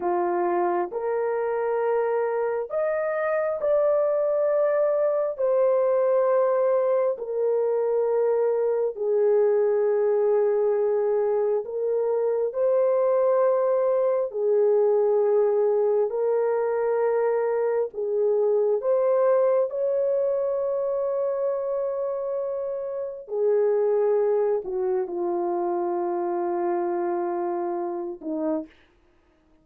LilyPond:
\new Staff \with { instrumentName = "horn" } { \time 4/4 \tempo 4 = 67 f'4 ais'2 dis''4 | d''2 c''2 | ais'2 gis'2~ | gis'4 ais'4 c''2 |
gis'2 ais'2 | gis'4 c''4 cis''2~ | cis''2 gis'4. fis'8 | f'2.~ f'8 dis'8 | }